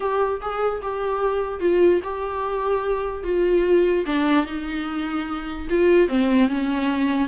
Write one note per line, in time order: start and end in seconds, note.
0.00 0.41 G4
0.41 0.81 G#4
0.82 1.60 G4
1.60 2.00 F4
2.03 3.23 G4
3.23 4.04 F4
4.06 4.45 D4
4.45 5.67 D#4
5.69 6.08 F4
6.08 6.48 C4
6.48 7.28 C#4